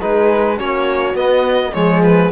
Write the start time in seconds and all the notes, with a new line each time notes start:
0.00 G#3 D#4 G#4 B4
0.57 A#3 C#4 F#4 C#5
1.15 B3 D#5
1.73 F3 G#3 G#4 C#5
2.03 B4